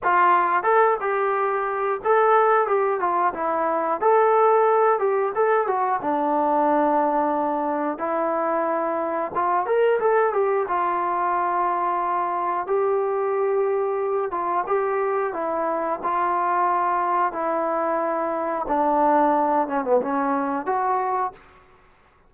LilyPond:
\new Staff \with { instrumentName = "trombone" } { \time 4/4 \tempo 4 = 90 f'4 a'8 g'4. a'4 | g'8 f'8 e'4 a'4. g'8 | a'8 fis'8 d'2. | e'2 f'8 ais'8 a'8 g'8 |
f'2. g'4~ | g'4. f'8 g'4 e'4 | f'2 e'2 | d'4. cis'16 b16 cis'4 fis'4 | }